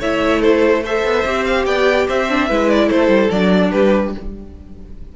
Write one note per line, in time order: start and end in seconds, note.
0.00 1.04 A3
0.00 0.84 E4
0.00 0.41 C#5
0.00 0.42 E5
0.41 0.82 A4
0.41 0.84 C5
0.83 1.26 A4
0.83 1.66 C5
0.83 1.45 E5
1.04 1.25 B3
1.26 1.66 C4
1.26 2.30 G4
1.45 1.66 F5
1.66 2.07 B3
1.66 2.07 D5
1.66 2.08 G5
2.08 2.50 C4
2.08 2.48 C5
2.08 2.70 E5
2.30 2.49 D4
2.48 2.91 G#3
2.48 3.32 E4
2.48 2.87 B4
2.70 2.90 D5
2.87 3.08 A3
2.87 3.69 A4
2.87 3.31 C5
3.08 3.29 G3
3.31 3.73 F#3
3.31 4.17 D4
3.31 3.71 D5
3.71 4.15 G3
3.71 4.13 G4
3.71 4.13 B4